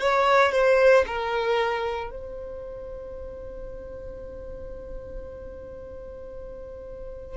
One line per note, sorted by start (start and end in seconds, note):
0.00 0.52 C#5
0.52 1.05 C5
1.07 2.11 A#4
2.11 7.37 C5